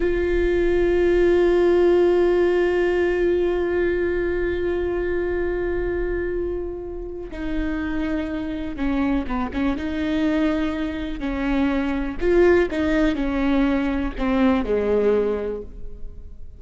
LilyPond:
\new Staff \with { instrumentName = "viola" } { \time 4/4 \tempo 4 = 123 f'1~ | f'1~ | f'1~ | f'2. dis'4~ |
dis'2 cis'4 b8 cis'8 | dis'2. cis'4~ | cis'4 f'4 dis'4 cis'4~ | cis'4 c'4 gis2 | }